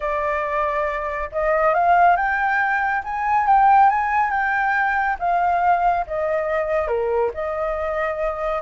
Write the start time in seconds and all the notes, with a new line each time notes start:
0.00 D5
1.31 D#5
1.74 F5
2.16 G5
3.04 G#5
3.46 G5
3.89 G#5
4.30 G5
5.19 F5
6.06 D#5
6.87 A#4
7.34 D#5